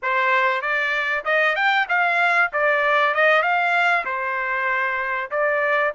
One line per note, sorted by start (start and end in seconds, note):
0.02 0.61 C5
0.61 1.24 D5
1.24 1.55 D#5
1.55 1.86 G5
1.88 2.51 F5
2.52 3.14 D5
3.14 3.42 D#5
3.42 4.05 F5
4.05 5.30 C5
5.30 5.93 D5